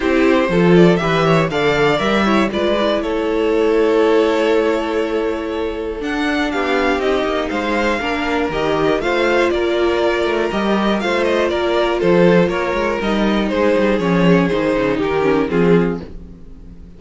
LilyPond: <<
  \new Staff \with { instrumentName = "violin" } { \time 4/4 \tempo 4 = 120 c''4. d''8 e''4 f''4 | e''4 d''4 cis''2~ | cis''1 | fis''4 f''4 dis''4 f''4~ |
f''4 dis''4 f''4 d''4~ | d''4 dis''4 f''8 dis''8 d''4 | c''4 cis''4 dis''4 c''4 | cis''4 c''4 ais'4 gis'4 | }
  \new Staff \with { instrumentName = "violin" } { \time 4/4 g'4 a'4 b'8 cis''8 d''4~ | d''8 cis''8 b'4 a'2~ | a'1~ | a'4 g'2 c''4 |
ais'2 c''4 ais'4~ | ais'2 c''4 ais'4 | a'4 ais'2 gis'4~ | gis'2 g'4 f'4 | }
  \new Staff \with { instrumentName = "viola" } { \time 4/4 e'4 f'4 g'4 a'4 | ais'8 e'8 f'8 e'2~ e'8~ | e'1 | d'2 dis'2 |
d'4 g'4 f'2~ | f'4 g'4 f'2~ | f'2 dis'2 | cis'4 dis'4. cis'8 c'4 | }
  \new Staff \with { instrumentName = "cello" } { \time 4/4 c'4 f4 e4 d4 | g4 gis4 a2~ | a1 | d'4 b4 c'8 ais8 gis4 |
ais4 dis4 a4 ais4~ | ais8 a8 g4 a4 ais4 | f4 ais8 gis8 g4 gis8 g8 | f4 dis8 cis8 dis4 f4 | }
>>